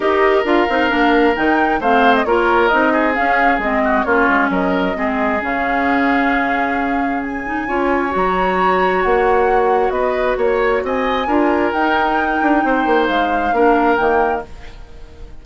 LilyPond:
<<
  \new Staff \with { instrumentName = "flute" } { \time 4/4 \tempo 4 = 133 dis''4 f''2 g''4 | f''8. dis''16 cis''4 dis''4 f''4 | dis''4 cis''4 dis''2 | f''1 |
gis''2 ais''2 | fis''2 dis''4 cis''4 | gis''2 g''2~ | g''4 f''2 g''4 | }
  \new Staff \with { instrumentName = "oboe" } { \time 4/4 ais'1 | c''4 ais'4. gis'4.~ | gis'8 fis'8 f'4 ais'4 gis'4~ | gis'1~ |
gis'4 cis''2.~ | cis''2 b'4 cis''4 | dis''4 ais'2. | c''2 ais'2 | }
  \new Staff \with { instrumentName = "clarinet" } { \time 4/4 g'4 f'8 dis'8 d'4 dis'4 | c'4 f'4 dis'4 cis'4 | c'4 cis'2 c'4 | cis'1~ |
cis'8 dis'8 f'4 fis'2~ | fis'1~ | fis'4 f'4 dis'2~ | dis'2 d'4 ais4 | }
  \new Staff \with { instrumentName = "bassoon" } { \time 4/4 dis'4 d'8 c'8 ais4 dis4 | a4 ais4 c'4 cis'4 | gis4 ais8 gis8 fis4 gis4 | cis1~ |
cis4 cis'4 fis2 | ais2 b4 ais4 | c'4 d'4 dis'4. d'8 | c'8 ais8 gis4 ais4 dis4 | }
>>